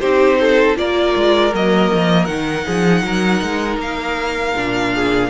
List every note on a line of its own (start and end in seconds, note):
0.00 0.76 C4
0.00 0.76 D#4
0.00 0.38 G4
0.00 0.76 C5
0.40 0.78 A4
0.76 1.14 A#3
0.76 1.52 F4
0.76 2.65 A#4
0.76 1.54 D5
1.16 1.53 G#3
1.53 1.91 F#3
1.53 2.28 A#3
1.53 2.25 D#5
1.94 2.28 F3
2.25 2.66 D#3
2.25 4.55 D#4
2.25 3.77 F#5
2.65 3.03 F3
2.65 3.03 G#4
3.03 3.41 F#3
3.03 4.94 A#4
3.42 3.78 G#3
3.78 4.54 A#3
3.78 5.30 F5
4.55 5.30 A#2
4.55 5.30 D4
4.94 5.30 G#4